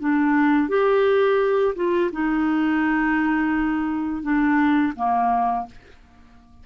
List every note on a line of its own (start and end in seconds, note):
0.00 0.69 D4
0.69 1.75 G4
1.76 2.11 F4
2.13 4.23 D#4
4.23 4.93 D4
4.96 5.67 A#3